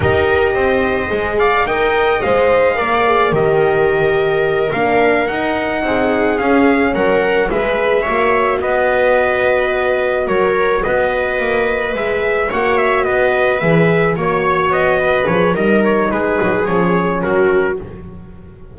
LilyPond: <<
  \new Staff \with { instrumentName = "trumpet" } { \time 4/4 \tempo 4 = 108 dis''2~ dis''8 f''8 g''4 | f''2 dis''2~ | dis''8 f''4 fis''2 f''8~ | f''8 fis''4 e''2 dis''8~ |
dis''2~ dis''8 cis''4 dis''8~ | dis''4. e''4 fis''8 e''8 dis''8~ | dis''8 e''4 cis''4 dis''4 cis''8 | dis''8 cis''8 b'4 cis''4 ais'4 | }
  \new Staff \with { instrumentName = "viola" } { \time 4/4 ais'4 c''4. d''8 dis''4~ | dis''4 d''4 ais'2~ | ais'2~ ais'8 gis'4.~ | gis'8 ais'4 b'4 cis''4 b'8~ |
b'2~ b'8 ais'4 b'8~ | b'2~ b'8 cis''4 b'8~ | b'4. cis''4. b'4 | ais'4 gis'2 fis'4 | }
  \new Staff \with { instrumentName = "horn" } { \time 4/4 g'2 gis'4 ais'4 | c''4 ais'8 gis'8 g'2~ | g'8 d'4 dis'2 cis'8~ | cis'4. gis'4 fis'4.~ |
fis'1~ | fis'4. gis'4 fis'4.~ | fis'8 gis'4 fis'2 gis'8 | dis'2 cis'2 | }
  \new Staff \with { instrumentName = "double bass" } { \time 4/4 dis'4 c'4 gis4 dis'4 | gis4 ais4 dis2~ | dis8 ais4 dis'4 c'4 cis'8~ | cis'8 fis4 gis4 ais4 b8~ |
b2~ b8 fis4 b8~ | b8 ais4 gis4 ais4 b8~ | b8 e4 ais4 b4 f8 | g4 gis8 fis8 f4 fis4 | }
>>